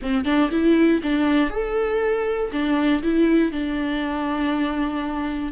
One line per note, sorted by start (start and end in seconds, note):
0.02 0.25 C4
0.25 0.50 D4
0.50 1.01 E4
1.02 1.50 D4
1.50 2.51 A4
2.51 3.02 D4
3.02 3.52 E4
3.52 5.52 D4